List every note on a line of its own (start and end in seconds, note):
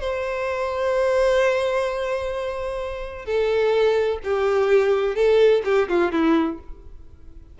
0.00 3.25 C5
3.25 4.19 A4
4.24 5.15 G4
5.15 5.62 A4
5.64 5.88 G4
5.88 6.12 F4
6.12 6.58 E4